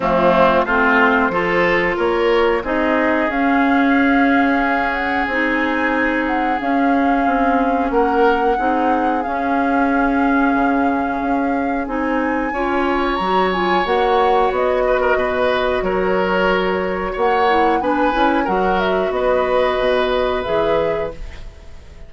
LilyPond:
<<
  \new Staff \with { instrumentName = "flute" } { \time 4/4 \tempo 4 = 91 f'4 c''2 cis''4 | dis''4 f''2~ f''8 fis''8 | gis''4. fis''8 f''2 | fis''2 f''2~ |
f''2 gis''2 | ais''8 gis''8 fis''4 dis''2 | cis''2 fis''4 gis''4 | fis''8 e''8 dis''2 e''4 | }
  \new Staff \with { instrumentName = "oboe" } { \time 4/4 c'4 f'4 a'4 ais'4 | gis'1~ | gis'1 | ais'4 gis'2.~ |
gis'2. cis''4~ | cis''2~ cis''8 b'16 ais'16 b'4 | ais'2 cis''4 b'4 | ais'4 b'2. | }
  \new Staff \with { instrumentName = "clarinet" } { \time 4/4 a4 c'4 f'2 | dis'4 cis'2. | dis'2 cis'2~ | cis'4 dis'4 cis'2~ |
cis'2 dis'4 f'4 | fis'8 f'8 fis'2.~ | fis'2~ fis'8 e'8 d'8 e'8 | fis'2. gis'4 | }
  \new Staff \with { instrumentName = "bassoon" } { \time 4/4 f4 a4 f4 ais4 | c'4 cis'2. | c'2 cis'4 c'4 | ais4 c'4 cis'2 |
cis4 cis'4 c'4 cis'4 | fis4 ais4 b4 b,4 | fis2 ais4 b8 cis'8 | fis4 b4 b,4 e4 | }
>>